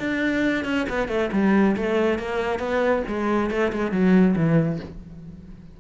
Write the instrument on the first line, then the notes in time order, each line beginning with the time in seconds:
cello
0.00 D4
0.65 C#4
0.90 B3
1.08 A3
1.33 G3
1.77 A3
2.19 A#3
2.60 B3
3.08 G#3
3.51 A3
3.73 G#3
3.92 F#3
4.37 E3